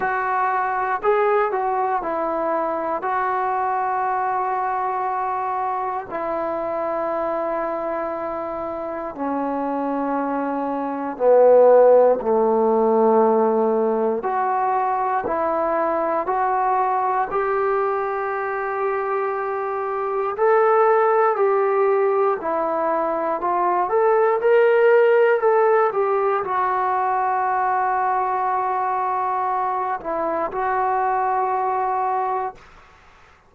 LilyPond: \new Staff \with { instrumentName = "trombone" } { \time 4/4 \tempo 4 = 59 fis'4 gis'8 fis'8 e'4 fis'4~ | fis'2 e'2~ | e'4 cis'2 b4 | a2 fis'4 e'4 |
fis'4 g'2. | a'4 g'4 e'4 f'8 a'8 | ais'4 a'8 g'8 fis'2~ | fis'4. e'8 fis'2 | }